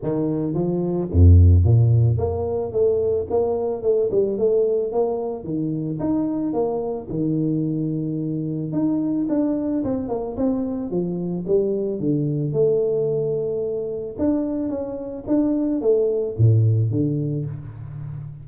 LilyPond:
\new Staff \with { instrumentName = "tuba" } { \time 4/4 \tempo 4 = 110 dis4 f4 f,4 ais,4 | ais4 a4 ais4 a8 g8 | a4 ais4 dis4 dis'4 | ais4 dis2. |
dis'4 d'4 c'8 ais8 c'4 | f4 g4 d4 a4~ | a2 d'4 cis'4 | d'4 a4 a,4 d4 | }